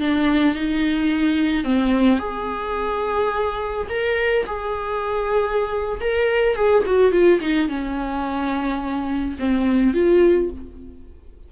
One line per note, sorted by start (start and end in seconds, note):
0.00 0.55 D4
0.55 1.64 D#4
1.64 2.19 C4
2.19 3.87 G#4
3.89 4.46 A#4
4.46 6.00 G#4
6.01 6.55 A#4
6.55 6.83 G#4
6.86 7.12 F#4
7.12 7.40 F4
7.41 7.68 D#4
7.68 9.37 C#4
9.39 9.94 C4
9.94 10.50 F4